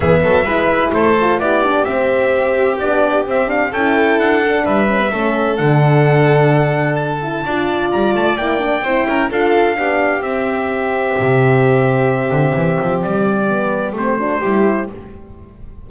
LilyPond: <<
  \new Staff \with { instrumentName = "trumpet" } { \time 4/4 \tempo 4 = 129 e''2 c''4 d''4 | e''2 d''4 e''8 f''8 | g''4 fis''4 e''2 | fis''2. a''4~ |
a''4 ais''8 a''8 g''2 | f''2 e''2~ | e''1 | d''2 c''2 | }
  \new Staff \with { instrumentName = "violin" } { \time 4/4 gis'8 a'8 b'4 a'4 g'4~ | g'1 | a'2 b'4 a'4~ | a'1 |
d''2. c''8 ais'8 | a'4 g'2.~ | g'1~ | g'2~ g'8 fis'8 g'4 | }
  \new Staff \with { instrumentName = "horn" } { \time 4/4 b4 e'4. f'8 e'8 d'8 | c'2 d'4 c'8 d'8 | e'4. d'4 cis'16 b16 cis'4 | d'2.~ d'8 e'8 |
f'2 e'8 d'8 e'4 | f'4 d'4 c'2~ | c'1~ | c'4 b4 c'8 d'8 e'4 | }
  \new Staff \with { instrumentName = "double bass" } { \time 4/4 e8 fis8 gis4 a4 b4 | c'2 b4 c'4 | cis'4 d'4 g4 a4 | d1 |
d'4 g8 a8 ais4 c'8 cis'8 | d'4 b4 c'2 | c2~ c8 d8 e8 f8 | g2 a4 g4 | }
>>